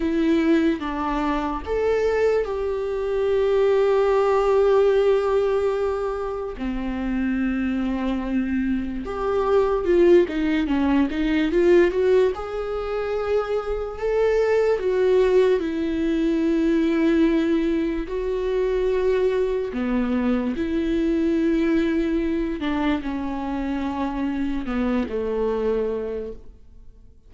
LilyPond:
\new Staff \with { instrumentName = "viola" } { \time 4/4 \tempo 4 = 73 e'4 d'4 a'4 g'4~ | g'1 | c'2. g'4 | f'8 dis'8 cis'8 dis'8 f'8 fis'8 gis'4~ |
gis'4 a'4 fis'4 e'4~ | e'2 fis'2 | b4 e'2~ e'8 d'8 | cis'2 b8 a4. | }